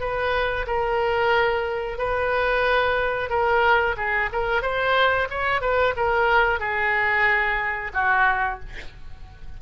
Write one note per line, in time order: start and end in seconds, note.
0.00 0.66 B4
0.67 1.98 A#4
1.98 3.30 B4
3.30 3.96 A#4
3.97 4.30 G#4
4.32 4.62 A#4
4.62 5.28 C5
5.30 5.61 C#5
5.61 5.94 B4
5.96 6.60 A#4
6.60 7.92 G#4
7.94 8.60 F#4